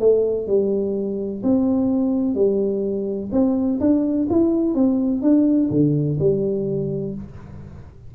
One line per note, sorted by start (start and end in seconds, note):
0.00 0.48 A3
0.48 1.43 G3
1.43 2.35 C4
2.35 3.30 G3
3.32 3.80 C4
3.81 4.28 D4
4.30 4.74 E4
4.74 5.22 C4
5.23 5.70 D4
5.71 6.18 D3
6.20 7.15 G3